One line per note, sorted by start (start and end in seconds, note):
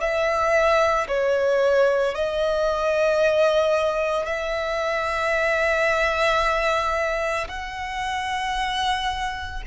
0.00 1.07 E5
1.08 2.15 C#5
2.15 4.26 D#5
4.26 7.48 E5
7.48 9.62 F#5